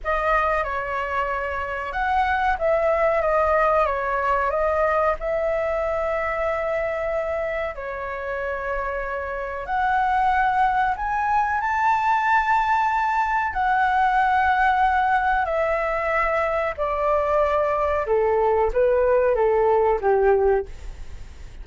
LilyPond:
\new Staff \with { instrumentName = "flute" } { \time 4/4 \tempo 4 = 93 dis''4 cis''2 fis''4 | e''4 dis''4 cis''4 dis''4 | e''1 | cis''2. fis''4~ |
fis''4 gis''4 a''2~ | a''4 fis''2. | e''2 d''2 | a'4 b'4 a'4 g'4 | }